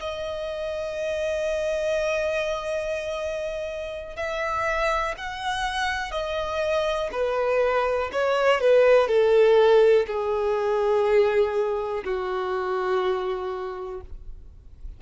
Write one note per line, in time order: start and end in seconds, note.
0.00 4.17 D#5
4.17 5.15 E5
5.18 6.12 F#5
6.12 7.10 D#5
7.12 8.11 B4
8.12 8.61 C#5
8.61 9.08 B4
9.08 10.06 A4
10.07 12.04 G#4
12.04 14.01 F#4